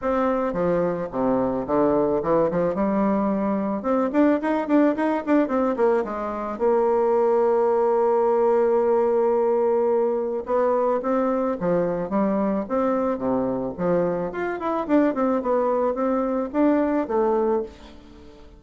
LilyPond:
\new Staff \with { instrumentName = "bassoon" } { \time 4/4 \tempo 4 = 109 c'4 f4 c4 d4 | e8 f8 g2 c'8 d'8 | dis'8 d'8 dis'8 d'8 c'8 ais8 gis4 | ais1~ |
ais2. b4 | c'4 f4 g4 c'4 | c4 f4 f'8 e'8 d'8 c'8 | b4 c'4 d'4 a4 | }